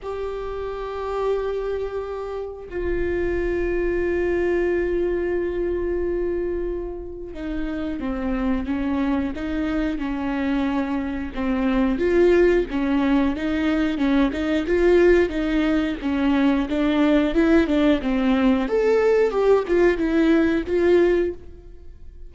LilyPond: \new Staff \with { instrumentName = "viola" } { \time 4/4 \tempo 4 = 90 g'1 | f'1~ | f'2. dis'4 | c'4 cis'4 dis'4 cis'4~ |
cis'4 c'4 f'4 cis'4 | dis'4 cis'8 dis'8 f'4 dis'4 | cis'4 d'4 e'8 d'8 c'4 | a'4 g'8 f'8 e'4 f'4 | }